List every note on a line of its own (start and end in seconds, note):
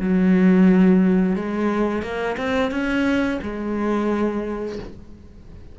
0.00 1.35 F#3
1.35 2.02 G#3
2.02 2.36 A#3
2.37 2.71 C4
2.71 3.39 C#4
3.42 4.79 G#3